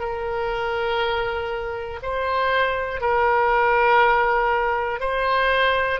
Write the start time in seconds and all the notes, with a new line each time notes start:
0.00 A#4
2.03 C5
3.00 A#4
5.00 C5